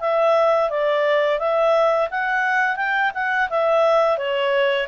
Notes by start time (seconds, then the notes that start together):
0.00 E5
0.69 D5
1.39 E5
2.10 F#5
2.76 G5
3.14 F#5
3.49 E5
4.17 C#5